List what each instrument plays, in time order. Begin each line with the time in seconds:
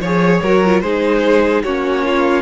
0.00 cello F3, viola G#4, violin C#5
0.42 cello F#3, viola F#4, violin A#4
0.65 viola F4
0.81 cello G#3, viola D#4, violin G#4 C5
1.63 cello A#3, viola C#4, violin F#4 C#5
2.05 violin F4